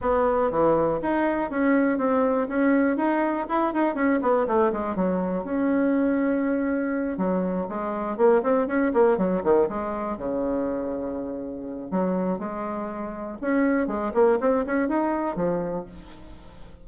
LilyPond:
\new Staff \with { instrumentName = "bassoon" } { \time 4/4 \tempo 4 = 121 b4 e4 dis'4 cis'4 | c'4 cis'4 dis'4 e'8 dis'8 | cis'8 b8 a8 gis8 fis4 cis'4~ | cis'2~ cis'8 fis4 gis8~ |
gis8 ais8 c'8 cis'8 ais8 fis8 dis8 gis8~ | gis8 cis2.~ cis8 | fis4 gis2 cis'4 | gis8 ais8 c'8 cis'8 dis'4 f4 | }